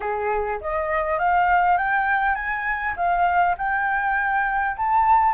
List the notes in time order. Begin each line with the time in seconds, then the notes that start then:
0.00 G#4
0.60 D#5
1.19 F5
1.77 G5
2.35 G#5
2.96 F5
3.57 G5
4.76 A5